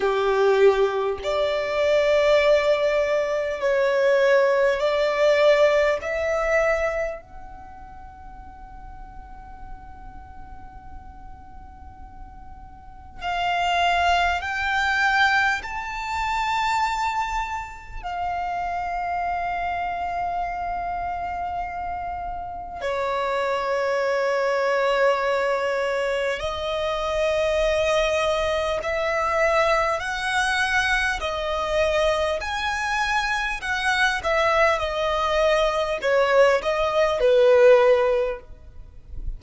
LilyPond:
\new Staff \with { instrumentName = "violin" } { \time 4/4 \tempo 4 = 50 g'4 d''2 cis''4 | d''4 e''4 fis''2~ | fis''2. f''4 | g''4 a''2 f''4~ |
f''2. cis''4~ | cis''2 dis''2 | e''4 fis''4 dis''4 gis''4 | fis''8 e''8 dis''4 cis''8 dis''8 b'4 | }